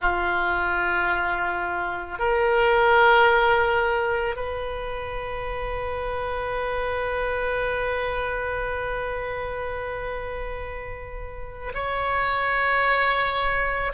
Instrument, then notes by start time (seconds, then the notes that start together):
oboe
0.01 F4
2.18 A#4
4.36 B4
11.74 C#5